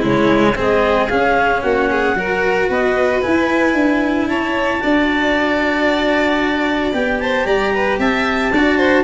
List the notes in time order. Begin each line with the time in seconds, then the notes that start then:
0.00 C#3 G#3 E4 C#5
0.56 G#3 C4 G#4 D#5
1.09 C#4 F5
1.62 A#3 F#4 F#5
1.91 G#4
2.15 F#3 F#4 A#4
2.69 B3 B4 D#5
3.22 E4 G#5
3.74 D4
4.27 C#4 C#5 A5
4.80 D4 F#4 D5
6.93 B3 G4 G5
7.20 C5 A5
7.46 G3 D5 A#5
7.74 B4
7.99 C4 E5 A5
8.52 D4 F#4 D5
8.77 C5